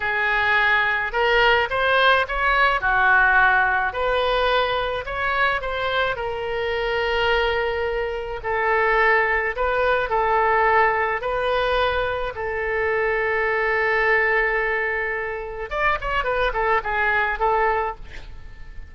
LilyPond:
\new Staff \with { instrumentName = "oboe" } { \time 4/4 \tempo 4 = 107 gis'2 ais'4 c''4 | cis''4 fis'2 b'4~ | b'4 cis''4 c''4 ais'4~ | ais'2. a'4~ |
a'4 b'4 a'2 | b'2 a'2~ | a'1 | d''8 cis''8 b'8 a'8 gis'4 a'4 | }